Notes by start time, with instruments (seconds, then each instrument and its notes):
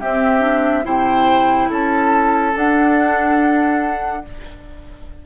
0.00 clarinet C4, bassoon C4, oboe G4, flute E5
0.40 clarinet D4
0.83 bassoon C3, clarinet E4, oboe C5, flute G5
1.69 bassoon C#4, oboe A4, flute A5
2.54 clarinet D4, bassoon D4, flute F#5